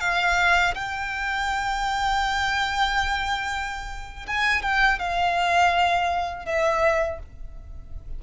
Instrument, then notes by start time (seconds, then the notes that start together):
violin
0.00 F5
0.74 G5
4.27 G#5
4.62 G5
4.99 F5
6.45 E5